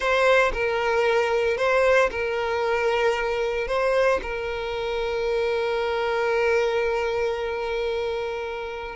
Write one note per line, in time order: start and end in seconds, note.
0.00 0.52 C5
0.53 1.57 A#4
1.57 2.09 C5
2.11 3.67 A#4
3.67 4.20 C5
4.22 8.95 A#4